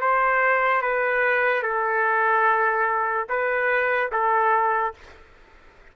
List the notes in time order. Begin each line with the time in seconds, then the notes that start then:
0.00 C5
0.81 B4
1.62 A4
3.28 B4
4.11 A4